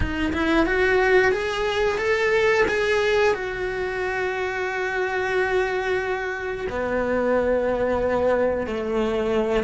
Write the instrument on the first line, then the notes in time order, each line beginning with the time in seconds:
cello
0.00 D#4
0.33 E4
0.65 F#4
1.32 G#4
1.98 A4
2.68 G#4
3.34 F#4
6.69 B3
8.67 A3